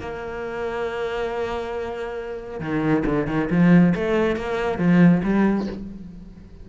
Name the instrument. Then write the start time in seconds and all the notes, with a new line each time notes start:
cello
0.00 A#3
2.60 D#3
3.06 D3
3.27 D#3
3.51 F3
3.95 A3
4.37 A#3
4.78 F3
5.24 G3